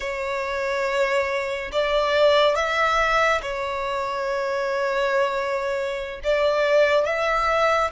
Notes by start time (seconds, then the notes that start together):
0.00 C#5
1.71 D5
2.55 E5
3.41 C#5
6.23 D5
7.05 E5